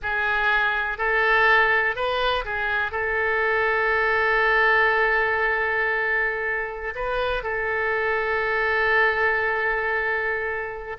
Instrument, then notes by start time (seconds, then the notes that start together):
oboe
0.02 G#4
0.98 A4
1.95 B4
2.44 G#4
2.91 A4
6.95 B4
7.43 A4